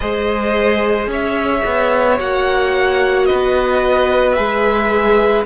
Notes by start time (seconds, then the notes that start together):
0.00 G#3 G#4 C5 D#5
1.07 C#4 C#5 E5
1.65 B3
2.17 A#3 F#4 F#5
3.25 B4 D#5
3.32 B3
4.33 G#3 G#4 E5